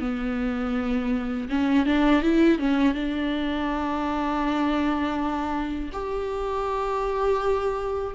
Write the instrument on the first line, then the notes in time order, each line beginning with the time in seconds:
viola
0.00 B3
1.49 C#4
1.86 D4
2.22 E4
2.58 C#4
2.94 D4
5.92 G4